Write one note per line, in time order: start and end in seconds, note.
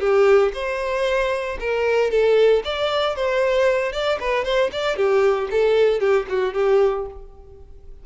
0.00 0.52 G4
0.54 1.58 C5
1.60 2.11 A#4
2.11 2.63 A4
2.64 3.16 D5
3.16 3.92 C5
3.92 4.19 D5
4.20 4.44 B4
4.44 4.71 C5
4.72 4.96 D5
4.96 5.49 G4
5.51 6.00 A4
6.00 6.26 G4
6.29 6.54 F#4
6.54 7.06 G4